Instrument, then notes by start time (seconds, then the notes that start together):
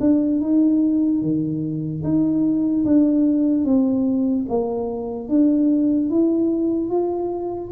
tuba
0.00 D4
0.41 D#4
1.22 D#3
2.03 D#4
2.85 D4
3.64 C4
4.49 A#3
5.29 D4
6.10 E4
6.90 F4